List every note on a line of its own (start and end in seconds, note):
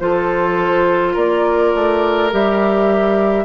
0.00 1.16 F3
0.00 2.31 F4
0.00 1.13 A4
0.00 1.15 C5
1.13 1.74 A#3
1.13 3.44 A#4
1.13 2.31 D5
1.75 2.33 A3
2.31 3.45 G3
2.31 3.45 G4
2.31 3.45 E5